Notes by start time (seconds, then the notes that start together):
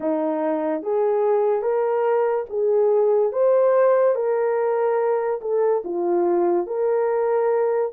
0.00 D#4
0.82 G#4
1.62 A#4
2.49 G#4
3.32 C5
4.15 A#4
5.41 A4
5.84 F4
6.67 A#4